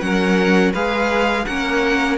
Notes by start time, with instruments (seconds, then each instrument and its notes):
0.00 cello F#3, viola C#4, violin A#4 F#5
0.72 cello G#3, viola G#4, violin B4 F5
1.45 cello A#3, viola C#4, violin A#4 F#5